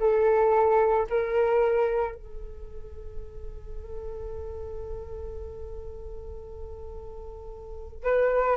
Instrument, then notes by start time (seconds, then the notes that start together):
flute
0.00 A4
1.10 A#4
2.15 A4
8.04 B4